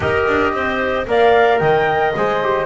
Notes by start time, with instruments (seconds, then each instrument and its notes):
0.00 double bass D#4, trombone G4, clarinet A#4, flute D#5
0.27 double bass D4
0.52 double bass C4, clarinet C5
1.06 double bass A#3, trombone A#4, clarinet D5, flute F5
1.58 double bass D#3, clarinet D#5, flute G5
2.16 double bass G#3, trombone G#4, flute C5
2.42 trombone G4